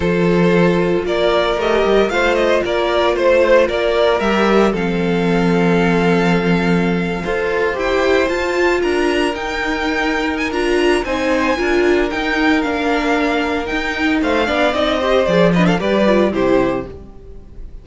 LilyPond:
<<
  \new Staff \with { instrumentName = "violin" } { \time 4/4 \tempo 4 = 114 c''2 d''4 dis''4 | f''8 dis''8 d''4 c''4 d''4 | e''4 f''2.~ | f''2~ f''8. g''4 a''16~ |
a''8. ais''4 g''2 gis''16 | ais''4 gis''2 g''4 | f''2 g''4 f''4 | dis''4 d''8 dis''16 f''16 d''4 c''4 | }
  \new Staff \with { instrumentName = "violin" } { \time 4/4 a'2 ais'2 | c''4 ais'4 c''4 ais'4~ | ais'4 a'2.~ | a'4.~ a'16 c''2~ c''16~ |
c''8. ais'2.~ ais'16~ | ais'4 c''4 ais'2~ | ais'2. c''8 d''8~ | d''8 c''4 b'16 a'16 b'4 g'4 | }
  \new Staff \with { instrumentName = "viola" } { \time 4/4 f'2. g'4 | f'1 | g'4 c'2.~ | c'4.~ c'16 a'4 g'4 f'16~ |
f'4.~ f'16 dis'2~ dis'16 | f'4 dis'4 f'4 dis'4 | d'2 dis'4. d'8 | dis'8 g'8 gis'8 d'8 g'8 f'8 e'4 | }
  \new Staff \with { instrumentName = "cello" } { \time 4/4 f2 ais4 a8 g8 | a4 ais4 a4 ais4 | g4 f2.~ | f4.~ f16 f'4 e'4 f'16~ |
f'8. d'4 dis'2~ dis'16 | d'4 c'4 d'4 dis'4 | ais2 dis'4 a8 b8 | c'4 f4 g4 c4 | }
>>